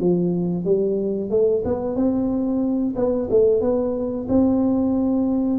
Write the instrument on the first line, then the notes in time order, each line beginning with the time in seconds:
tuba
0.00 F3
0.65 G3
1.30 A3
1.65 B3
1.96 C4
2.96 B3
3.30 A3
3.61 B3
4.29 C4